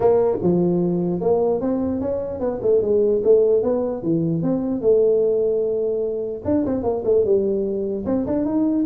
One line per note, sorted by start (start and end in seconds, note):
0.00 0.38 A#3
0.42 1.20 F3
1.20 1.60 A#3
1.60 2.00 C4
2.00 2.40 C#4
2.40 2.60 B3
2.62 2.81 A3
2.81 3.22 G#3
3.23 3.62 A3
3.62 4.02 B3
4.02 4.42 E3
4.42 4.81 C4
4.81 6.42 A3
6.44 6.65 D4
6.65 6.83 C4
6.83 7.03 A#3
7.04 7.24 A3
7.24 8.05 G3
8.05 8.25 C4
8.26 8.45 D4
8.45 8.85 D#4